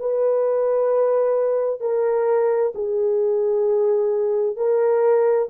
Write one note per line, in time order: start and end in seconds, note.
0.00 1.80 B4
1.80 2.73 A#4
2.75 4.57 G#4
4.57 5.49 A#4